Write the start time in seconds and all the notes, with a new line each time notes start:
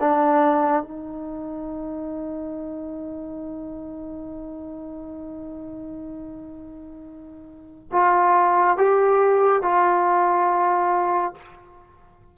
0.00 D4
0.82 D#4
7.92 F4
8.77 G4
9.62 F4